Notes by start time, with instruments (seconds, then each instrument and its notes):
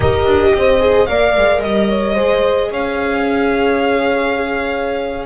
0.00 double bass D#4, viola G4, horn A#4, violin D#5
0.26 double bass D4
0.54 double bass C4, horn C5
0.79 viola G#4
1.06 double bass A#3, viola A#4, horn D5, violin F5
1.36 double bass G#3
1.61 double bass G3, horn D#5, violin D#5
1.88 horn C#5
2.14 double bass G#3, viola G#4, horn C5
2.70 double bass C#4, horn C#5, violin F5